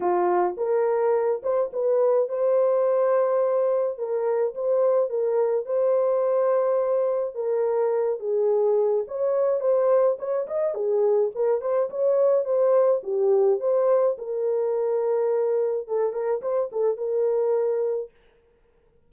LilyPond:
\new Staff \with { instrumentName = "horn" } { \time 4/4 \tempo 4 = 106 f'4 ais'4. c''8 b'4 | c''2. ais'4 | c''4 ais'4 c''2~ | c''4 ais'4. gis'4. |
cis''4 c''4 cis''8 dis''8 gis'4 | ais'8 c''8 cis''4 c''4 g'4 | c''4 ais'2. | a'8 ais'8 c''8 a'8 ais'2 | }